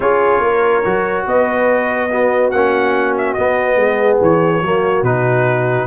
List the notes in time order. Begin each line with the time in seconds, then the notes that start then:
0.00 C#4 F4 G#4 C#5
0.40 A#3 A#4
0.84 F#3 F#4
1.26 B3 B4 D#5
2.10 B3 F#4
2.50 A#3 C#4 F#5
3.17 E5
3.33 B3 D#5
3.76 G#3 G#4
4.21 E3 C#5
4.61 F#3 A#3 F#4
5.02 B2 D#4 B4